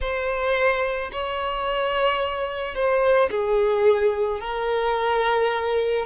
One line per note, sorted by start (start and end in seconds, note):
0.00 1.10 C5
1.12 2.74 C#5
2.74 3.29 C5
3.30 4.40 G#4
4.40 6.05 A#4